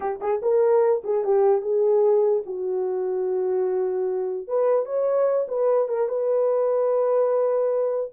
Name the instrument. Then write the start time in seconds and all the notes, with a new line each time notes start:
horn
0.00 G4
0.20 G#4
0.41 A#4
1.04 G#4
1.24 G4
1.61 G#4
2.46 F#4
4.47 B4
4.85 C#5
5.47 B4
5.88 A#4
6.08 B4